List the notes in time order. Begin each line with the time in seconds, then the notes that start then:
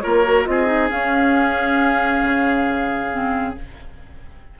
0.00 A#3 F4 A#4 C#5
0.23 F#4
0.45 C4 F4 G#4 D#5
0.66 D#4
0.88 C#4 F5
2.23 C#3
3.11 C4